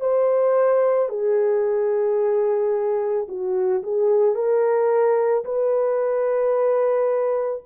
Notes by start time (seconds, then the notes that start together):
0.00 C5
1.09 G#4
3.28 F#4
3.82 G#4
4.35 A#4
5.44 B4